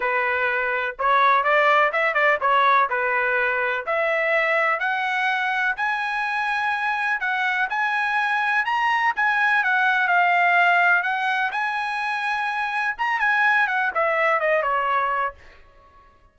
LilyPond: \new Staff \with { instrumentName = "trumpet" } { \time 4/4 \tempo 4 = 125 b'2 cis''4 d''4 | e''8 d''8 cis''4 b'2 | e''2 fis''2 | gis''2. fis''4 |
gis''2 ais''4 gis''4 | fis''4 f''2 fis''4 | gis''2. ais''8 gis''8~ | gis''8 fis''8 e''4 dis''8 cis''4. | }